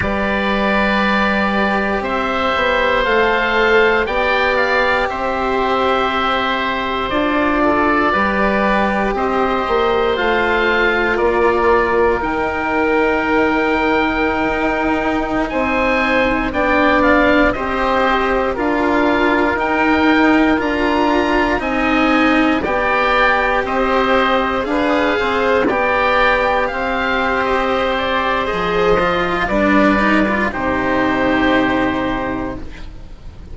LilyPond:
<<
  \new Staff \with { instrumentName = "oboe" } { \time 4/4 \tempo 4 = 59 d''2 e''4 f''4 | g''8 f''8 e''2 d''4~ | d''4 dis''4 f''4 d''4 | g''2.~ g''16 gis''8.~ |
gis''16 g''8 f''8 dis''4 f''4 g''8.~ | g''16 ais''4 gis''4 g''4 dis''8.~ | dis''16 f''4 g''4 f''8. dis''8 d''8 | dis''4 d''4 c''2 | }
  \new Staff \with { instrumentName = "oboe" } { \time 4/4 b'2 c''2 | d''4 c''2~ c''8 a'8 | b'4 c''2 ais'4~ | ais'2.~ ais'16 c''8.~ |
c''16 d''4 c''4 ais'4.~ ais'16~ | ais'4~ ais'16 dis''4 d''4 c''8.~ | c''16 b'8 c''8 d''4 c''4.~ c''16~ | c''4 b'4 g'2 | }
  \new Staff \with { instrumentName = "cello" } { \time 4/4 g'2. a'4 | g'2. f'4 | g'2 f'2 | dis'1~ |
dis'16 d'4 g'4 f'4 dis'8.~ | dis'16 f'4 dis'4 g'4.~ g'16~ | g'16 gis'4 g'2~ g'8. | gis'8 f'8 d'8 dis'16 f'16 dis'2 | }
  \new Staff \with { instrumentName = "bassoon" } { \time 4/4 g2 c'8 b8 a4 | b4 c'2 d'4 | g4 c'8 ais8 a4 ais4 | dis2~ dis16 dis'4 c'8.~ |
c'16 b4 c'4 d'4 dis'8.~ | dis'16 d'4 c'4 b4 c'8.~ | c'16 d'8 c'8 b4 c'4.~ c'16 | f4 g4 c2 | }
>>